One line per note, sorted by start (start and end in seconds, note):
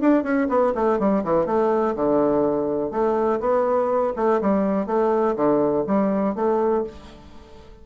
0.00 0.23 D4
0.23 0.47 C#4
0.48 0.73 B3
0.75 0.99 A3
0.99 1.23 G3
1.24 1.46 E3
1.46 1.94 A3
1.95 2.91 D3
2.91 3.39 A3
3.40 4.13 B3
4.16 4.40 A3
4.41 4.86 G3
4.86 5.35 A3
5.36 5.84 D3
5.86 6.35 G3
6.35 6.84 A3